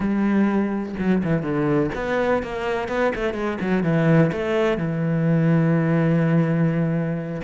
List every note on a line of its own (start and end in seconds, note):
0.00 0.95 G3
0.98 1.22 F#3
1.23 1.42 E3
1.42 1.90 D3
1.95 2.42 B3
2.42 2.88 A#3
2.88 3.12 B3
3.15 3.33 A3
3.33 3.57 G#3
3.60 3.83 F#3
3.83 4.31 E3
4.32 4.77 A3
4.77 7.41 E3